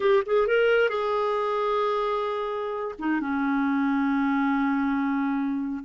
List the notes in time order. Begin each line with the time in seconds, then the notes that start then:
0.00 G4
0.26 G#4
0.47 A#4
0.89 G#4
2.99 D#4
3.20 C#4